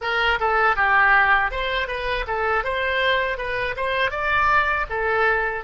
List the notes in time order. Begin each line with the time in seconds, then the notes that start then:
0.01 A#4
0.40 A4
0.76 G4
1.51 C5
1.88 B4
2.27 A4
2.64 C5
3.37 B4
3.76 C5
4.10 D5
4.89 A4